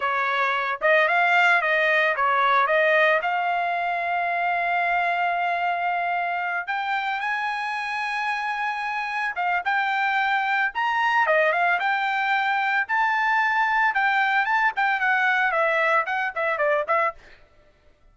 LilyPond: \new Staff \with { instrumentName = "trumpet" } { \time 4/4 \tempo 4 = 112 cis''4. dis''8 f''4 dis''4 | cis''4 dis''4 f''2~ | f''1~ | f''8 g''4 gis''2~ gis''8~ |
gis''4. f''8 g''2 | ais''4 dis''8 f''8 g''2 | a''2 g''4 a''8 g''8 | fis''4 e''4 fis''8 e''8 d''8 e''8 | }